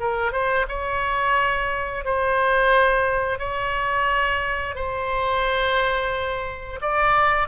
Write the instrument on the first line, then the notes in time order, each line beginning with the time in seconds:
oboe
0.00 A#4
0.32 C5
0.68 C#5
2.05 C5
3.39 C#5
4.75 C5
6.81 D5